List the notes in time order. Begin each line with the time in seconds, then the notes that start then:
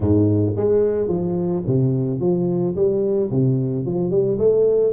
0.00 G#2
0.56 G#3
1.08 F3
1.66 C3
2.20 F3
2.75 G3
3.30 C3
3.85 F3
4.10 G3
4.38 A3